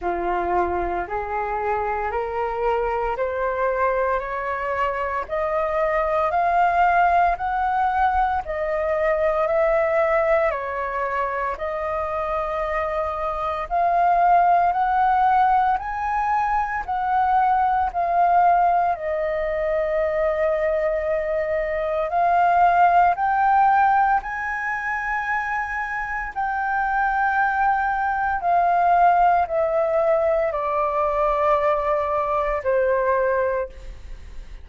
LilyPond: \new Staff \with { instrumentName = "flute" } { \time 4/4 \tempo 4 = 57 f'4 gis'4 ais'4 c''4 | cis''4 dis''4 f''4 fis''4 | dis''4 e''4 cis''4 dis''4~ | dis''4 f''4 fis''4 gis''4 |
fis''4 f''4 dis''2~ | dis''4 f''4 g''4 gis''4~ | gis''4 g''2 f''4 | e''4 d''2 c''4 | }